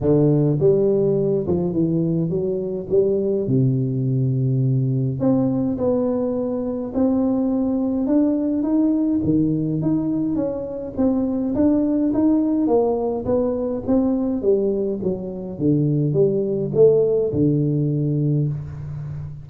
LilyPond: \new Staff \with { instrumentName = "tuba" } { \time 4/4 \tempo 4 = 104 d4 g4. f8 e4 | fis4 g4 c2~ | c4 c'4 b2 | c'2 d'4 dis'4 |
dis4 dis'4 cis'4 c'4 | d'4 dis'4 ais4 b4 | c'4 g4 fis4 d4 | g4 a4 d2 | }